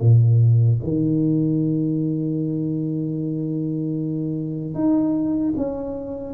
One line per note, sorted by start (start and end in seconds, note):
0.00 0.79 A#2
0.83 4.74 D#3
4.74 5.53 D#4
5.57 6.34 C#4